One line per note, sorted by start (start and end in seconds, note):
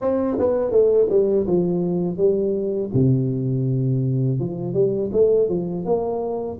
0.01 0.37 C4
0.38 0.71 B3
0.71 1.07 A3
1.09 1.46 G3
1.46 2.17 F3
2.17 2.90 G3
2.93 4.39 C3
4.39 4.73 F3
4.73 5.10 G3
5.12 5.48 A3
5.48 5.85 F3
5.85 6.58 A#3